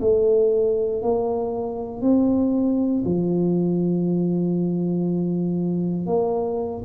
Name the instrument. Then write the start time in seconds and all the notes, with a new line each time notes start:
tuba
0.00 A3
1.02 A#3
2.01 C4
3.05 F3
6.06 A#3